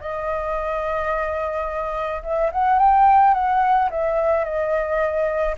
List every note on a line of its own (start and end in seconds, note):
0.00 2.22 D#5
2.22 2.50 E5
2.52 2.79 F#5
2.79 3.34 G5
3.34 3.89 F#5
3.90 4.44 E5
4.44 5.55 D#5